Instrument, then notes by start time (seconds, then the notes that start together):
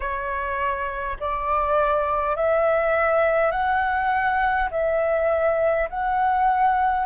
flute
0.00 C#5
1.20 D5
2.35 E5
3.51 F#5
4.71 E5
5.89 F#5